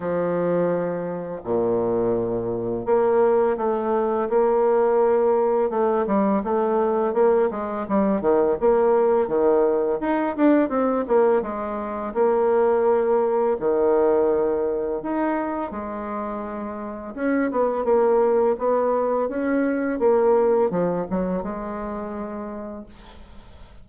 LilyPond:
\new Staff \with { instrumentName = "bassoon" } { \time 4/4 \tempo 4 = 84 f2 ais,2 | ais4 a4 ais2 | a8 g8 a4 ais8 gis8 g8 dis8 | ais4 dis4 dis'8 d'8 c'8 ais8 |
gis4 ais2 dis4~ | dis4 dis'4 gis2 | cis'8 b8 ais4 b4 cis'4 | ais4 f8 fis8 gis2 | }